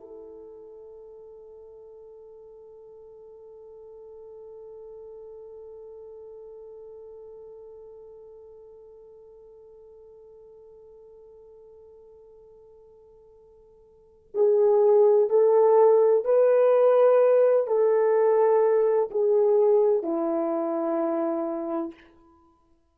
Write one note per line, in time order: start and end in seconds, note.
0.00 14.29 A4
14.34 15.29 G#4
15.29 16.24 A4
16.24 17.67 B4
17.67 19.10 A4
19.10 20.03 G#4
20.03 21.94 E4